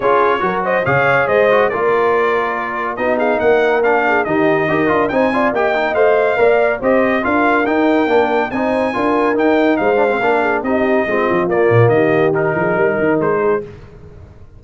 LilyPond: <<
  \new Staff \with { instrumentName = "trumpet" } { \time 4/4 \tempo 4 = 141 cis''4. dis''8 f''4 dis''4 | d''2. dis''8 f''8 | fis''4 f''4 dis''2 | gis''4 g''4 f''2 |
dis''4 f''4 g''2 | gis''2 g''4 f''4~ | f''4 dis''2 d''4 | dis''4 ais'2 c''4 | }
  \new Staff \with { instrumentName = "horn" } { \time 4/4 gis'4 ais'8 c''8 cis''4 c''4 | ais'2. fis'8 gis'8 | ais'4. gis'8 g'4 ais'4 | c''8 d''8 dis''2 d''4 |
c''4 ais'2. | c''4 ais'2 c''4 | ais'8 gis'8 g'4 f'2 | g'4. gis'8 ais'4. gis'8 | }
  \new Staff \with { instrumentName = "trombone" } { \time 4/4 f'4 fis'4 gis'4. fis'8 | f'2. dis'4~ | dis'4 d'4 dis'4 g'8 f'8 | dis'8 f'8 g'8 dis'8 c''4 ais'4 |
g'4 f'4 dis'4 d'4 | dis'4 f'4 dis'4. d'16 c'16 | d'4 dis'4 c'4 ais4~ | ais4 dis'2. | }
  \new Staff \with { instrumentName = "tuba" } { \time 4/4 cis'4 fis4 cis4 gis4 | ais2. b4 | ais2 dis4 dis'8 d'8 | c'4 ais4 a4 ais4 |
c'4 d'4 dis'4 ais4 | c'4 d'4 dis'4 gis4 | ais4 c'4 gis8 f8 ais8 ais,8 | dis4. f8 g8 dis8 gis4 | }
>>